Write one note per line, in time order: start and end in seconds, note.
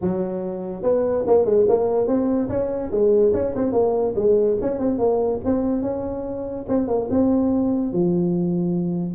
0.01 0.82 F#3
0.82 1.24 B3
1.26 1.45 A#3
1.45 1.66 G#3
1.68 2.07 A#3
2.07 2.48 C4
2.49 2.91 C#4
2.91 3.32 G#3
3.33 3.54 C#4
3.55 3.72 C4
3.72 4.14 A#3
4.15 4.57 G#3
4.61 4.78 C#4
4.78 4.98 C4
4.98 5.40 A#3
5.45 5.82 C4
5.82 6.65 C#4
6.68 6.87 C4
6.87 7.08 A#3
7.10 7.92 C4
7.92 9.14 F3